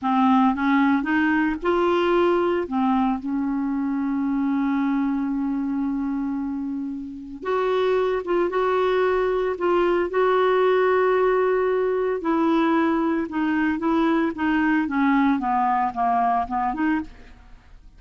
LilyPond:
\new Staff \with { instrumentName = "clarinet" } { \time 4/4 \tempo 4 = 113 c'4 cis'4 dis'4 f'4~ | f'4 c'4 cis'2~ | cis'1~ | cis'2 fis'4. f'8 |
fis'2 f'4 fis'4~ | fis'2. e'4~ | e'4 dis'4 e'4 dis'4 | cis'4 b4 ais4 b8 dis'8 | }